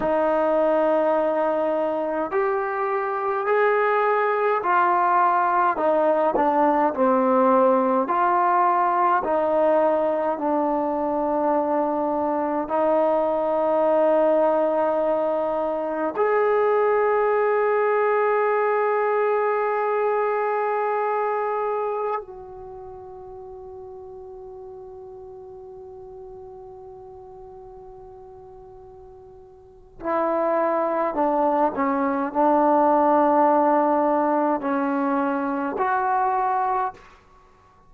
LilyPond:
\new Staff \with { instrumentName = "trombone" } { \time 4/4 \tempo 4 = 52 dis'2 g'4 gis'4 | f'4 dis'8 d'8 c'4 f'4 | dis'4 d'2 dis'4~ | dis'2 gis'2~ |
gis'2.~ gis'16 fis'8.~ | fis'1~ | fis'2 e'4 d'8 cis'8 | d'2 cis'4 fis'4 | }